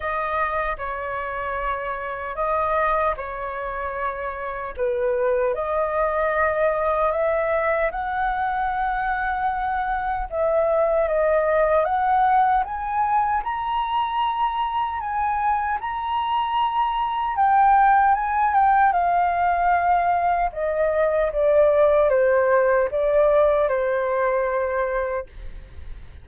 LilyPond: \new Staff \with { instrumentName = "flute" } { \time 4/4 \tempo 4 = 76 dis''4 cis''2 dis''4 | cis''2 b'4 dis''4~ | dis''4 e''4 fis''2~ | fis''4 e''4 dis''4 fis''4 |
gis''4 ais''2 gis''4 | ais''2 g''4 gis''8 g''8 | f''2 dis''4 d''4 | c''4 d''4 c''2 | }